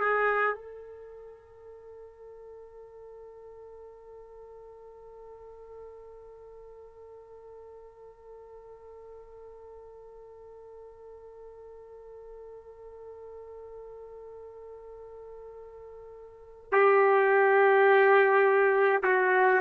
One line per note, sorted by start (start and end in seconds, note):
0.00 0.55 G#4
0.55 16.70 A4
16.72 19.03 G4
19.03 19.60 F#4